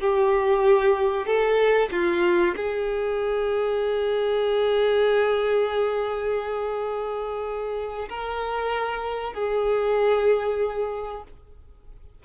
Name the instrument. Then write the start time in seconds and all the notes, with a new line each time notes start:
violin
0.00 G4
1.26 A4
1.91 F4
2.56 G#4
8.09 A#4
9.34 G#4